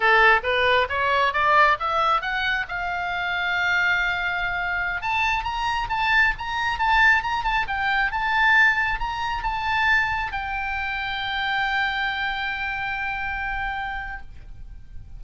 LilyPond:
\new Staff \with { instrumentName = "oboe" } { \time 4/4 \tempo 4 = 135 a'4 b'4 cis''4 d''4 | e''4 fis''4 f''2~ | f''2.~ f''16 a''8.~ | a''16 ais''4 a''4 ais''4 a''8.~ |
a''16 ais''8 a''8 g''4 a''4.~ a''16~ | a''16 ais''4 a''2 g''8.~ | g''1~ | g''1 | }